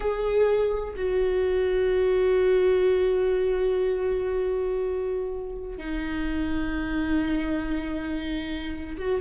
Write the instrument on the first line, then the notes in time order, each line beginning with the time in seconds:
viola
0.00 G#4
0.96 F#4
5.77 D#4
8.97 F#4